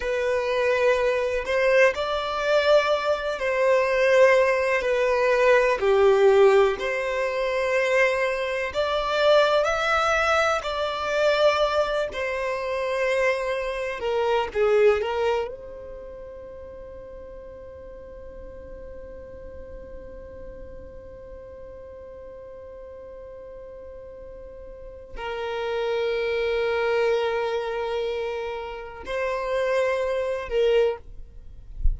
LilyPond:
\new Staff \with { instrumentName = "violin" } { \time 4/4 \tempo 4 = 62 b'4. c''8 d''4. c''8~ | c''4 b'4 g'4 c''4~ | c''4 d''4 e''4 d''4~ | d''8 c''2 ais'8 gis'8 ais'8 |
c''1~ | c''1~ | c''2 ais'2~ | ais'2 c''4. ais'8 | }